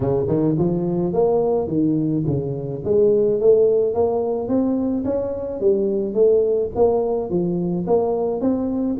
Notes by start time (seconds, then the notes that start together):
0.00 C#3
0.28 D#3
0.58 F3
1.13 A#3
1.67 D#3
2.26 C#3
2.84 G#3
3.40 A3
3.94 A#3
4.48 C4
5.04 C#4
5.60 G3
6.14 A3
6.75 A#3
7.29 F3
7.86 A#3
8.40 C4